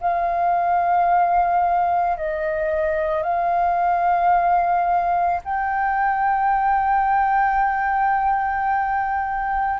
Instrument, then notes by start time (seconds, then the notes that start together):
flute
0.00 F5
2.17 D#5
3.23 F5
5.44 G5